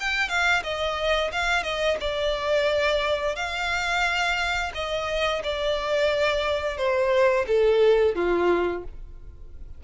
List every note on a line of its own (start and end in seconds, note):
0.00 0.29 G5
0.29 0.63 F5
0.63 1.31 D#5
1.32 1.63 F5
1.63 1.97 D#5
2.00 3.35 D5
3.35 4.72 F5
4.74 5.42 D#5
5.43 6.77 D5
6.77 7.45 C5
7.47 8.15 A4
8.15 8.83 F4